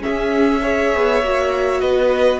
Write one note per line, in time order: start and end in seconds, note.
0.00 0.60 C#4
0.00 0.62 G#4
0.00 1.80 E5
0.07 0.95 C#4
0.62 1.23 G#4
0.62 1.81 C#5
0.95 1.23 B3
1.23 1.82 A#3
1.23 2.40 F#4
1.80 2.40 B3
1.80 2.40 B4
1.80 2.40 D#5